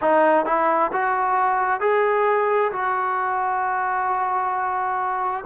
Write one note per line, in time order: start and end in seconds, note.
0.01 0.45 D#4
0.45 0.91 E4
0.92 1.80 F#4
1.80 2.71 G#4
2.71 5.44 F#4